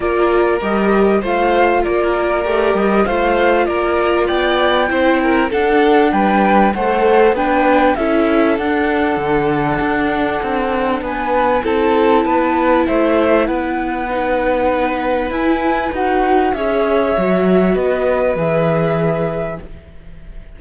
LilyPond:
<<
  \new Staff \with { instrumentName = "flute" } { \time 4/4 \tempo 4 = 98 d''4 dis''4 f''4 d''4~ | d''8 dis''8 f''4 d''4 g''4~ | g''4 fis''4 g''4 fis''4 | g''4 e''4 fis''2~ |
fis''2 gis''4 a''4~ | a''4 e''4 fis''2~ | fis''4 gis''4 fis''4 e''4~ | e''4 dis''4 e''2 | }
  \new Staff \with { instrumentName = "violin" } { \time 4/4 ais'2 c''4 ais'4~ | ais'4 c''4 ais'4 d''4 | c''8 ais'8 a'4 b'4 c''4 | b'4 a'2.~ |
a'2 b'4 a'4 | b'4 c''4 b'2~ | b'2. cis''4~ | cis''4 b'2. | }
  \new Staff \with { instrumentName = "viola" } { \time 4/4 f'4 g'4 f'2 | g'4 f'2. | e'4 d'2 a'4 | d'4 e'4 d'2~ |
d'2. e'4~ | e'2. dis'4~ | dis'4 e'4 fis'4 gis'4 | fis'2 gis'2 | }
  \new Staff \with { instrumentName = "cello" } { \time 4/4 ais4 g4 a4 ais4 | a8 g8 a4 ais4 b4 | c'4 d'4 g4 a4 | b4 cis'4 d'4 d4 |
d'4 c'4 b4 c'4 | b4 a4 b2~ | b4 e'4 dis'4 cis'4 | fis4 b4 e2 | }
>>